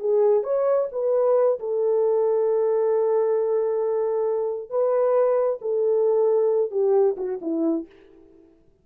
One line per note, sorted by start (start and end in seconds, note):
0.00 0.44 G#4
0.44 0.89 C#5
0.92 1.59 B4
1.60 4.70 A4
4.70 5.59 B4
5.62 6.71 A4
6.71 7.16 G4
7.17 7.40 F#4
7.42 7.86 E4